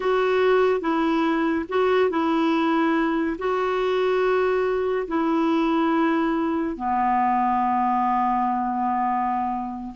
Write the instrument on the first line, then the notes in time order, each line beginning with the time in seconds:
clarinet
0.00 F#4
0.80 E4
1.68 F#4
2.09 E4
3.38 F#4
5.07 E4
6.76 B3